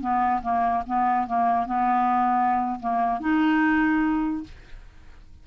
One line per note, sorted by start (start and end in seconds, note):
0.00 0.41 B3
0.42 0.83 A#3
0.86 1.27 B3
1.27 1.66 A#3
1.66 2.79 B3
2.79 3.20 A#3
3.20 4.43 D#4